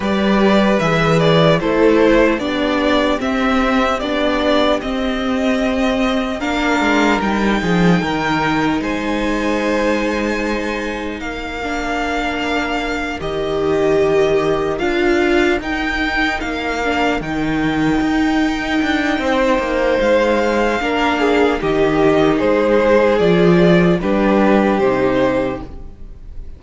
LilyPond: <<
  \new Staff \with { instrumentName = "violin" } { \time 4/4 \tempo 4 = 75 d''4 e''8 d''8 c''4 d''4 | e''4 d''4 dis''2 | f''4 g''2 gis''4~ | gis''2 f''2~ |
f''8 dis''2 f''4 g''8~ | g''8 f''4 g''2~ g''8~ | g''4 f''2 dis''4 | c''4 d''4 b'4 c''4 | }
  \new Staff \with { instrumentName = "violin" } { \time 4/4 b'2 a'4 g'4~ | g'1 | ais'4. gis'8 ais'4 c''4~ | c''2 ais'2~ |
ais'1~ | ais'1 | c''2 ais'8 gis'8 g'4 | gis'2 g'2 | }
  \new Staff \with { instrumentName = "viola" } { \time 4/4 g'4 gis'4 e'4 d'4 | c'4 d'4 c'2 | d'4 dis'2.~ | dis'2~ dis'8 d'4.~ |
d'8 g'2 f'4 dis'8~ | dis'4 d'8 dis'2~ dis'8~ | dis'2 d'4 dis'4~ | dis'4 f'4 d'4 dis'4 | }
  \new Staff \with { instrumentName = "cello" } { \time 4/4 g4 e4 a4 b4 | c'4 b4 c'2 | ais8 gis8 g8 f8 dis4 gis4~ | gis2 ais2~ |
ais8 dis2 d'4 dis'8~ | dis'8 ais4 dis4 dis'4 d'8 | c'8 ais8 gis4 ais4 dis4 | gis4 f4 g4 c4 | }
>>